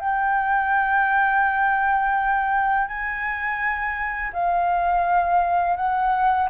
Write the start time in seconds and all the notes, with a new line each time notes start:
0.00 G5
2.88 G#5
4.33 F5
5.77 F#5